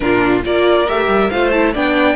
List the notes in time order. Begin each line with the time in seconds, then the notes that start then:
0.00 A#2 D4 F4 A#4
0.43 A#3 F4 A#4 D5
0.88 A3 G4 E5
1.07 G3
1.30 A3 F4 C5 F5
1.50 E4 A5
1.73 B3 D4 D5 G5